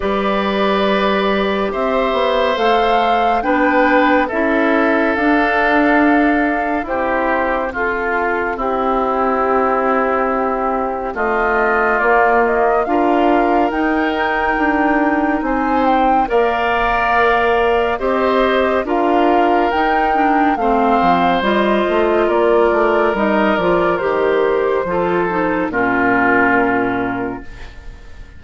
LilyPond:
<<
  \new Staff \with { instrumentName = "flute" } { \time 4/4 \tempo 4 = 70 d''2 e''4 f''4 | g''4 e''4 f''2 | c''4 a'4 g'2~ | g'4 dis''4 d''8 dis''8 f''4 |
g''2 gis''8 g''8 f''4~ | f''4 dis''4 f''4 g''4 | f''4 dis''4 d''4 dis''8 d''8 | c''2 ais'2 | }
  \new Staff \with { instrumentName = "oboe" } { \time 4/4 b'2 c''2 | b'4 a'2. | g'4 f'4 e'2~ | e'4 f'2 ais'4~ |
ais'2 c''4 d''4~ | d''4 c''4 ais'2 | c''2 ais'2~ | ais'4 a'4 f'2 | }
  \new Staff \with { instrumentName = "clarinet" } { \time 4/4 g'2. a'4 | d'4 e'4 d'2 | c'1~ | c'2 ais4 f'4 |
dis'2. ais'4~ | ais'4 g'4 f'4 dis'8 d'8 | c'4 f'2 dis'8 f'8 | g'4 f'8 dis'8 cis'2 | }
  \new Staff \with { instrumentName = "bassoon" } { \time 4/4 g2 c'8 b8 a4 | b4 cis'4 d'2 | e'4 f'4 c'2~ | c'4 a4 ais4 d'4 |
dis'4 d'4 c'4 ais4~ | ais4 c'4 d'4 dis'4 | a8 f8 g8 a8 ais8 a8 g8 f8 | dis4 f4 ais,2 | }
>>